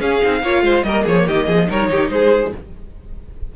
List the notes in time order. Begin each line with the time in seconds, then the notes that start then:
0.00 C#4 G#4 F5
0.22 C4 D#4
0.42 A#3 F4 C#5
0.62 G#3 C5
0.83 G3 A#3 A#4 D#5
1.03 F3 G#4 C#5
1.27 D#3 G4 D#5
1.46 F3 G#4
1.67 G3 D#4 A#4 C#5
1.89 D#3 G4
2.10 G#3 G#4 C5